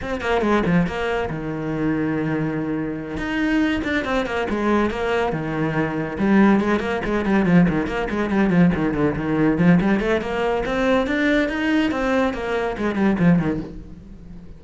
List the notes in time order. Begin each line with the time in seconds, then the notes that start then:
0.01 C4
0.21 A#3
0.41 G#3
0.66 F3
0.86 A#3
1.30 D#3
3.17 D#4
3.83 D4
4.04 C4
4.26 A#3
4.49 G#3
4.90 A#3
5.32 D#3
6.18 G3
6.60 G#3
6.79 A#3
7.04 G#3
7.25 G3
7.45 F3
7.68 D#3
7.86 A#3
8.10 G#3
8.30 G3
8.50 F3
8.74 D#3
8.94 D3
9.15 D#3
9.58 F3
9.80 G3
10.00 A3
10.21 A#3
10.65 C4
11.06 D4
11.49 D#4
11.91 C4
12.33 A#3
12.77 G#3
12.95 G3
13.19 F3
13.38 D#3